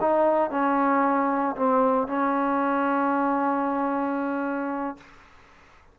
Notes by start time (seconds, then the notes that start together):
0.00 D#4
0.50 C#4
1.56 C4
2.07 C#4